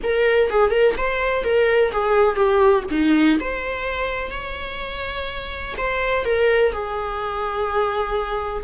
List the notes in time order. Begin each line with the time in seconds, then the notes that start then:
0.03 A#4
0.50 G#4
0.70 A#4
0.97 C5
1.44 A#4
1.91 G#4
2.35 G4
2.91 D#4
3.39 C5
4.30 C#5
5.77 C5
6.24 A#4
6.72 G#4